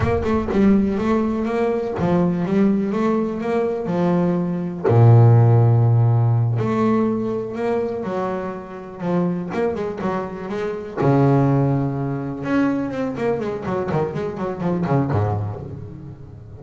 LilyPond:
\new Staff \with { instrumentName = "double bass" } { \time 4/4 \tempo 4 = 123 ais8 a8 g4 a4 ais4 | f4 g4 a4 ais4 | f2 ais,2~ | ais,4. a2 ais8~ |
ais8 fis2 f4 ais8 | gis8 fis4 gis4 cis4.~ | cis4. cis'4 c'8 ais8 gis8 | fis8 dis8 gis8 fis8 f8 cis8 gis,4 | }